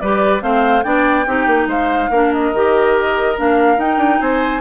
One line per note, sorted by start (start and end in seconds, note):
0.00 0.42 G3
0.00 0.41 G4
0.00 0.43 B4
0.00 0.42 D5
0.41 0.84 A3
0.41 0.83 C4
0.41 0.85 C5
0.41 0.83 F5
0.83 1.27 B3
0.83 1.26 D4
0.83 1.27 D5
0.83 1.67 G5
1.27 1.47 C4
1.27 2.11 D#4
1.27 1.69 G4
1.47 1.67 A#3
1.67 2.09 G#3
1.67 2.10 C5
1.67 2.33 F5
2.10 2.52 A#3
2.10 2.55 D4
2.10 4.20 A#4
2.33 3.38 D#5
2.53 3.37 D#3
2.53 3.36 G4
3.36 3.78 A#3
3.36 3.78 D4
3.36 3.80 F5
3.78 3.98 D#4
3.78 4.62 D#4
3.78 4.21 G5
3.98 4.19 D4
4.20 4.62 C4
4.20 4.62 C5
4.20 4.62 G#5